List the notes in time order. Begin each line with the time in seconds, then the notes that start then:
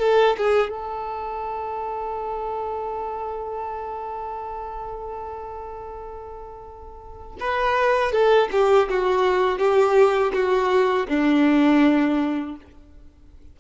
0.00 A4
0.38 G#4
0.70 A4
7.40 B4
8.12 A4
8.52 G4
8.90 F#4
9.59 G4
10.34 F#4
11.08 D4